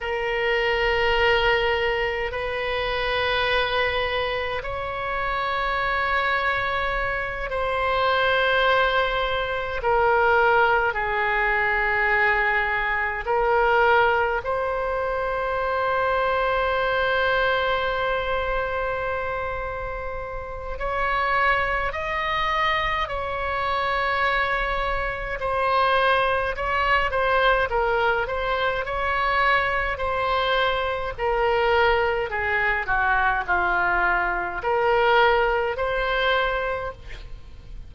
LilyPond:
\new Staff \with { instrumentName = "oboe" } { \time 4/4 \tempo 4 = 52 ais'2 b'2 | cis''2~ cis''8 c''4.~ | c''8 ais'4 gis'2 ais'8~ | ais'8 c''2.~ c''8~ |
c''2 cis''4 dis''4 | cis''2 c''4 cis''8 c''8 | ais'8 c''8 cis''4 c''4 ais'4 | gis'8 fis'8 f'4 ais'4 c''4 | }